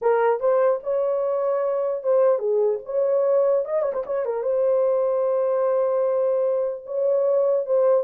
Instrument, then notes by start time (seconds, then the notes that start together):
horn
0.01 A#4
0.40 C5
0.83 C#5
2.03 C5
2.38 G#4
2.85 C#5
3.65 D#5
3.82 C#5
3.93 C5
4.06 C#5
4.25 A#4
4.42 C5
6.85 C#5
7.66 C5